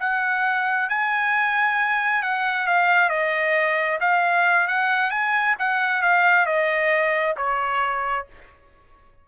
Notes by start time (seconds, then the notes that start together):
0.00 F#5
0.90 G#5
2.23 F#5
2.67 F5
3.10 D#5
4.01 F5
4.68 F#5
5.11 G#5
5.59 F#5
6.02 F5
6.46 D#5
7.37 C#5